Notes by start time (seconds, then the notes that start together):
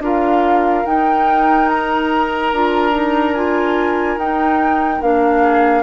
0.00 D4 F4 A#4 F5
0.86 D#4 G5
1.69 A#5
2.53 D4 F4
2.92 D#4
3.35 F4 G#5
4.18 D#4 G5
5.02 A#3 D4 F5
5.43 G#4